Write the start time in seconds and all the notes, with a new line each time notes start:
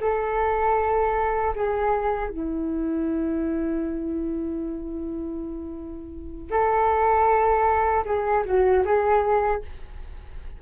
0.00 A4
1.55 G#4
2.29 E4
6.50 A4
8.05 G#4
8.45 F#4
8.85 G#4